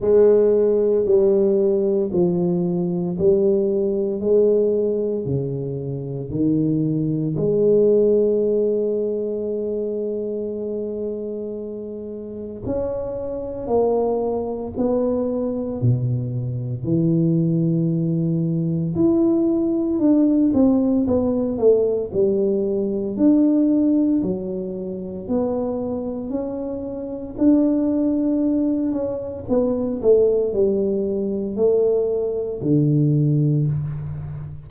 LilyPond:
\new Staff \with { instrumentName = "tuba" } { \time 4/4 \tempo 4 = 57 gis4 g4 f4 g4 | gis4 cis4 dis4 gis4~ | gis1 | cis'4 ais4 b4 b,4 |
e2 e'4 d'8 c'8 | b8 a8 g4 d'4 fis4 | b4 cis'4 d'4. cis'8 | b8 a8 g4 a4 d4 | }